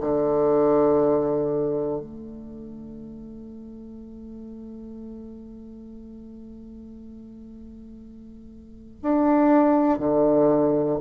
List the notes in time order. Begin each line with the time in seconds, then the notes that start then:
0.00 D3
2.00 A3
9.02 D4
9.99 D3